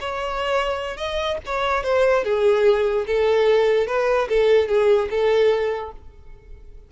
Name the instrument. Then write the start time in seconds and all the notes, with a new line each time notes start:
violin
0.00 C#5
0.97 D#5
1.45 C#5
1.83 C5
2.24 G#4
3.06 A4
3.87 B4
4.29 A4
4.68 G#4
5.10 A4